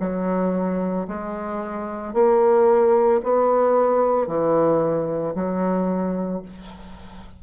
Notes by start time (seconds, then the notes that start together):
0.00 F#3
1.08 G#3
2.14 A#3
3.23 B3
4.27 E3
5.35 F#3